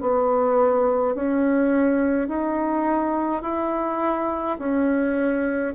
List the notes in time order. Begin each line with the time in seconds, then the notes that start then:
0.00 B3
1.15 C#4
2.28 D#4
3.42 E4
4.58 C#4